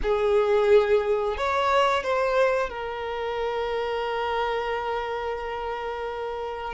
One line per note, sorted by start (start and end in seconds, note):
0.02 1.37 G#4
1.37 2.03 C#5
2.03 2.69 C5
2.69 6.73 A#4